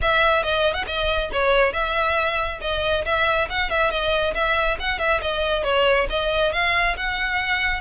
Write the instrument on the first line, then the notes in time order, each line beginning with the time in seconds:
violin
0.01 E5
0.43 D#5
0.73 F#5
0.86 D#5
1.32 C#5
1.72 E5
2.61 D#5
3.05 E5
3.49 F#5
3.70 E5
3.90 D#5
4.34 E5
4.79 F#5
4.99 E5
5.21 D#5
5.63 C#5
6.09 D#5
6.52 F5
6.96 F#5